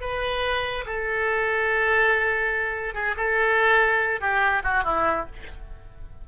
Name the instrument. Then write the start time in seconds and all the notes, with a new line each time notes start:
oboe
0.00 B4
0.85 A4
2.94 G#4
3.16 A4
4.20 G4
4.63 F#4
4.83 E4